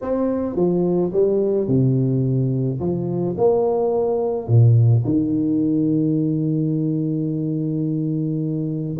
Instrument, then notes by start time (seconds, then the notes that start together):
tuba
0.01 C4
0.55 F3
1.12 G3
1.67 C3
2.79 F3
3.37 A#3
4.47 A#2
5.05 D#3